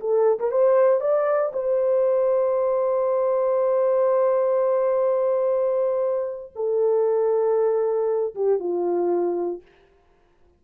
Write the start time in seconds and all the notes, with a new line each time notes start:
0.00 A4
0.39 A#4
0.51 C5
1.00 D5
1.53 C5
6.55 A4
8.34 G4
8.59 F4